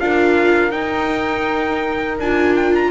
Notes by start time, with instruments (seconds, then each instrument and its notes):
0.00 double bass D4, viola F4, horn A#4, trumpet F5
0.72 viola D#4, double bass D#4, trumpet G5
2.19 double bass D4, viola F4, trumpet G#5
2.56 trumpet G5
2.75 trumpet A#5